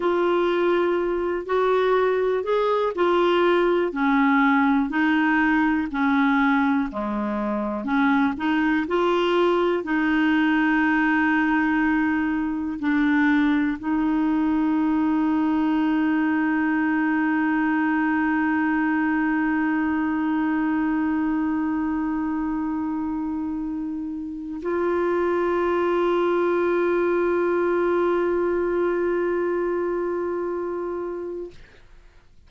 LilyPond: \new Staff \with { instrumentName = "clarinet" } { \time 4/4 \tempo 4 = 61 f'4. fis'4 gis'8 f'4 | cis'4 dis'4 cis'4 gis4 | cis'8 dis'8 f'4 dis'2~ | dis'4 d'4 dis'2~ |
dis'1~ | dis'1~ | dis'4 f'2.~ | f'1 | }